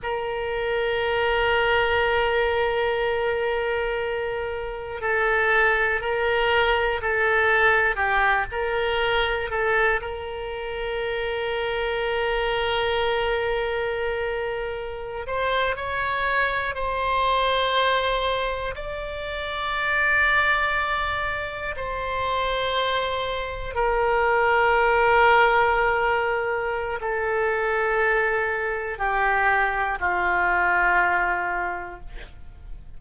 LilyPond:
\new Staff \with { instrumentName = "oboe" } { \time 4/4 \tempo 4 = 60 ais'1~ | ais'4 a'4 ais'4 a'4 | g'8 ais'4 a'8 ais'2~ | ais'2.~ ais'16 c''8 cis''16~ |
cis''8. c''2 d''4~ d''16~ | d''4.~ d''16 c''2 ais'16~ | ais'2. a'4~ | a'4 g'4 f'2 | }